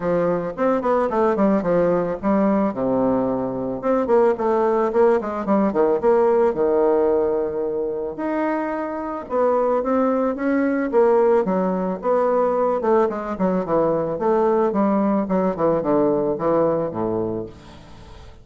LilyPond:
\new Staff \with { instrumentName = "bassoon" } { \time 4/4 \tempo 4 = 110 f4 c'8 b8 a8 g8 f4 | g4 c2 c'8 ais8 | a4 ais8 gis8 g8 dis8 ais4 | dis2. dis'4~ |
dis'4 b4 c'4 cis'4 | ais4 fis4 b4. a8 | gis8 fis8 e4 a4 g4 | fis8 e8 d4 e4 a,4 | }